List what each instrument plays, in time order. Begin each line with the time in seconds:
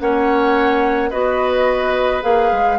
0.00 bassoon A#3, clarinet C#4, oboe C#5, flute F#5
1.10 bassoon B3, clarinet F#4, oboe B4, flute D#5
2.22 bassoon A#3, clarinet G#4, flute F5
2.52 bassoon G#3